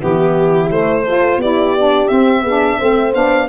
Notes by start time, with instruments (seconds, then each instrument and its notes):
0.00 tuba E3, saxophone B3, horn E4, violin G4
0.70 tuba A3, saxophone A3, violin C5
1.05 saxophone F4, horn A4
1.37 tuba B3, saxophone E4, horn G4, violin D5
1.78 saxophone D4
2.08 saxophone C4, tuba C4, violin E5
2.42 tuba B3, saxophone D4, horn G#4
2.78 tuba A3, saxophone C4, horn C5
3.14 tuba B3, saxophone D4, violin F5